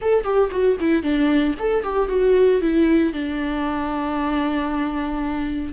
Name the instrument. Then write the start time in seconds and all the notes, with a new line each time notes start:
viola
0.01 A4
0.24 G4
0.51 F#4
0.79 E4
1.02 D4
1.59 A4
1.83 G4
2.09 F#4
2.61 E4
3.13 D4